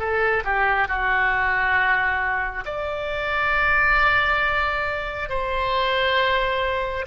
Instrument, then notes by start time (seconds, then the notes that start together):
oboe
0.00 A4
0.45 G4
0.89 F#4
2.66 D5
5.30 C5